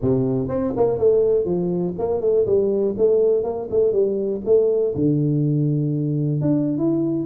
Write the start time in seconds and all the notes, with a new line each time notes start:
0.01 C3
0.48 C4
0.76 A#3
0.98 A3
1.44 F3
1.98 A#3
2.20 A3
2.46 G3
2.97 A3
3.43 A#3
3.70 A3
3.92 G3
4.45 A3
4.95 D3
6.41 D4
6.78 E4